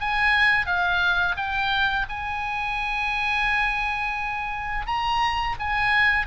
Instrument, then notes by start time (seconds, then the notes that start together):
oboe
0.00 G#5
0.66 F5
1.36 G5
2.09 G#5
4.86 A#5
5.59 G#5